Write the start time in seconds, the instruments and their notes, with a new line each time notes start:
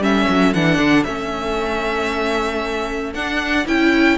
0.00 cello G3, viola C#4, violin A4 E5
0.29 cello F#3
0.54 cello E3, viola D4, violin F#5
0.79 cello D3
1.04 cello A3, viola C#4, violin E5
3.14 cello D4, viola D4, violin F#5
3.67 cello C#4, viola E4, violin G5